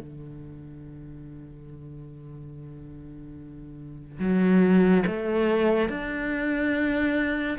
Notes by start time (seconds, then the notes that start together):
0.00 D3
4.19 F#3
5.07 A3
5.89 D4